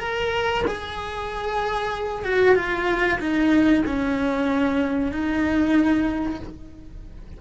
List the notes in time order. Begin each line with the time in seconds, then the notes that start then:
0.00 A#4
0.68 G#4
2.25 F#4
2.56 F4
3.20 D#4
3.86 C#4
5.12 D#4